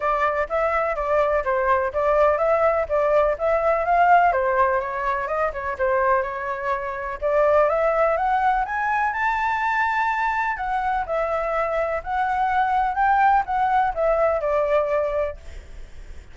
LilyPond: \new Staff \with { instrumentName = "flute" } { \time 4/4 \tempo 4 = 125 d''4 e''4 d''4 c''4 | d''4 e''4 d''4 e''4 | f''4 c''4 cis''4 dis''8 cis''8 | c''4 cis''2 d''4 |
e''4 fis''4 gis''4 a''4~ | a''2 fis''4 e''4~ | e''4 fis''2 g''4 | fis''4 e''4 d''2 | }